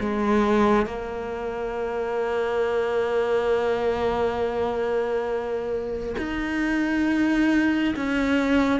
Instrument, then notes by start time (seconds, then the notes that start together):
cello
0.00 G#3
0.86 A#3
6.18 D#4
7.96 C#4